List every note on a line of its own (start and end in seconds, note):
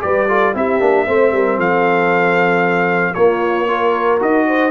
0.00 0.54 G3
0.00 0.26 G4
0.00 0.28 B4
0.00 0.54 D5
0.28 0.54 F4
0.28 0.54 A4
0.54 0.81 C4
0.54 0.80 E4
0.54 1.07 G4
0.54 1.60 E5
0.80 1.07 A#3
0.80 1.06 D4
1.06 1.32 A3
1.06 3.14 C4
1.06 1.33 C5
1.32 1.58 G3
1.32 1.57 A#4
1.57 3.14 F3
1.57 3.14 A4
1.57 3.14 F5
3.14 4.20 A#3
3.14 3.68 A#3
3.14 3.68 F4
3.14 4.18 C#5
3.68 4.19 F4
3.68 4.46 A#4
4.19 4.71 D#4
4.19 4.71 F#4
4.19 4.71 D#5
4.47 4.71 C5